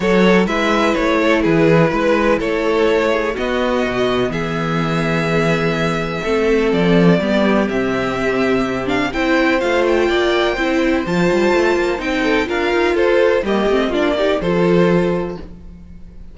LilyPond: <<
  \new Staff \with { instrumentName = "violin" } { \time 4/4 \tempo 4 = 125 cis''4 e''4 cis''4 b'4~ | b'4 cis''2 dis''4~ | dis''4 e''2.~ | e''2 d''2 |
e''2~ e''8 f''8 g''4 | f''8 g''2~ g''8 a''4~ | a''4 g''4 f''4 c''4 | dis''4 d''4 c''2 | }
  \new Staff \with { instrumentName = "violin" } { \time 4/4 a'4 b'4. a'8 gis'4 | b'4 a'4. gis'8 fis'4~ | fis'4 gis'2.~ | gis'4 a'2 g'4~ |
g'2. c''4~ | c''4 d''4 c''2~ | c''4. a'8 ais'4 a'4 | g'4 f'8 g'8 a'2 | }
  \new Staff \with { instrumentName = "viola" } { \time 4/4 fis'4 e'2.~ | e'2. b4~ | b1~ | b4 c'2 b4 |
c'2~ c'8 d'8 e'4 | f'2 e'4 f'4~ | f'4 dis'4 f'2 | ais8 c'8 d'8 dis'8 f'2 | }
  \new Staff \with { instrumentName = "cello" } { \time 4/4 fis4 gis4 a4 e4 | gis4 a2 b4 | b,4 e2.~ | e4 a4 f4 g4 |
c2. c'4 | a4 ais4 c'4 f8 g8 | a8 ais8 c'4 d'8 dis'8 f'4 | g8 a8 ais4 f2 | }
>>